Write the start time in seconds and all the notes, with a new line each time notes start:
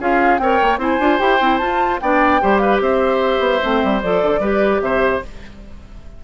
0.00 C#4 F4 G#4 F5
0.39 C4 A#4 C#5 G5
0.62 A#3
0.78 C4 E4 C5 G#5
1.00 D4 F4
1.19 E4 G4 G5
1.41 C4 E4
1.58 F4 A5
2.01 B3 D4 D5 G5
2.41 G3 G4 C5
2.58 B4 F5
2.81 C4 C5 E5
3.40 B3
3.62 A3 C4
3.84 G3
4.02 F3 A4 D5
4.23 D3
4.40 G3 G4 B4
4.81 C3 C5 E5